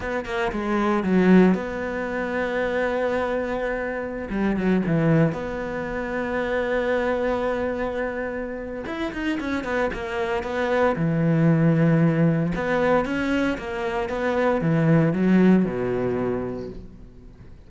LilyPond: \new Staff \with { instrumentName = "cello" } { \time 4/4 \tempo 4 = 115 b8 ais8 gis4 fis4 b4~ | b1~ | b16 g8 fis8 e4 b4.~ b16~ | b1~ |
b4 e'8 dis'8 cis'8 b8 ais4 | b4 e2. | b4 cis'4 ais4 b4 | e4 fis4 b,2 | }